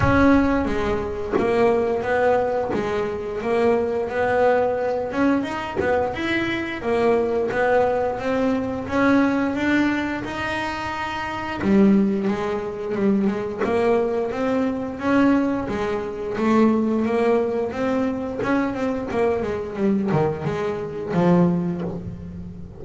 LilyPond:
\new Staff \with { instrumentName = "double bass" } { \time 4/4 \tempo 4 = 88 cis'4 gis4 ais4 b4 | gis4 ais4 b4. cis'8 | dis'8 b8 e'4 ais4 b4 | c'4 cis'4 d'4 dis'4~ |
dis'4 g4 gis4 g8 gis8 | ais4 c'4 cis'4 gis4 | a4 ais4 c'4 cis'8 c'8 | ais8 gis8 g8 dis8 gis4 f4 | }